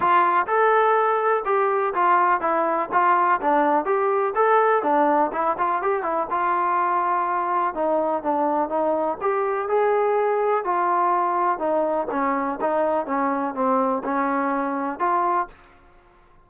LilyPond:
\new Staff \with { instrumentName = "trombone" } { \time 4/4 \tempo 4 = 124 f'4 a'2 g'4 | f'4 e'4 f'4 d'4 | g'4 a'4 d'4 e'8 f'8 | g'8 e'8 f'2. |
dis'4 d'4 dis'4 g'4 | gis'2 f'2 | dis'4 cis'4 dis'4 cis'4 | c'4 cis'2 f'4 | }